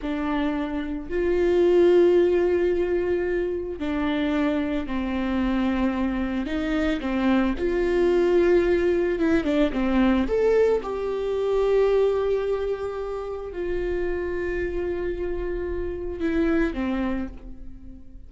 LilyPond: \new Staff \with { instrumentName = "viola" } { \time 4/4 \tempo 4 = 111 d'2 f'2~ | f'2. d'4~ | d'4 c'2. | dis'4 c'4 f'2~ |
f'4 e'8 d'8 c'4 a'4 | g'1~ | g'4 f'2.~ | f'2 e'4 c'4 | }